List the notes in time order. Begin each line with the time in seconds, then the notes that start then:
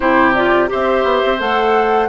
0.00 C3 E4 G4 C5
0.34 F4 D5
0.68 C4 G4 C5 E5
1.04 B3
1.24 C4
1.39 A3 A4 F#5